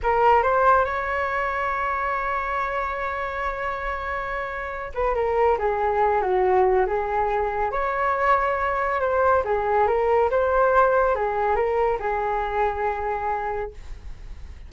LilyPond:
\new Staff \with { instrumentName = "flute" } { \time 4/4 \tempo 4 = 140 ais'4 c''4 cis''2~ | cis''1~ | cis''2.~ cis''8 b'8 | ais'4 gis'4. fis'4. |
gis'2 cis''2~ | cis''4 c''4 gis'4 ais'4 | c''2 gis'4 ais'4 | gis'1 | }